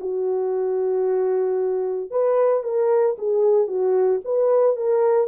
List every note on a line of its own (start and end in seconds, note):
0.00 2.11 F#4
2.11 2.63 B4
2.63 3.16 A#4
3.18 3.67 G#4
3.67 4.20 F#4
4.25 4.76 B4
4.76 5.27 A#4